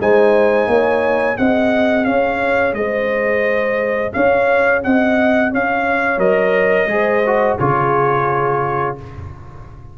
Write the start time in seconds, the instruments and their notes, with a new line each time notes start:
0.00 tuba G#3, trombone D#4, horn C5, trumpet G#5
0.67 tuba A#3, horn C#5
1.36 tuba C4, trombone G#4, horn D#5, trumpet F#5
2.05 tuba C#4, horn C#5, trumpet F5
2.73 tuba G#3, horn C5, trumpet D#5
4.13 tuba C#4, horn C#5, trumpet F5
4.83 tuba C4, horn D#5, trumpet F#5
5.51 tuba C#4, horn C#5, trumpet F5
6.18 tuba F#3, trombone A#4, trumpet D#5
6.86 tuba G#3, trombone G#4, horn C5
7.26 trombone F#4
7.58 tuba C#3, trombone F4, horn G#4, trumpet C#5